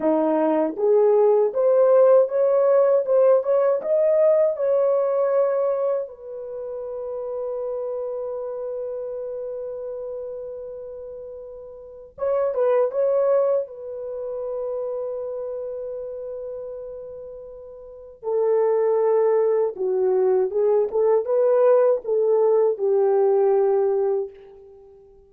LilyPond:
\new Staff \with { instrumentName = "horn" } { \time 4/4 \tempo 4 = 79 dis'4 gis'4 c''4 cis''4 | c''8 cis''8 dis''4 cis''2 | b'1~ | b'1 |
cis''8 b'8 cis''4 b'2~ | b'1 | a'2 fis'4 gis'8 a'8 | b'4 a'4 g'2 | }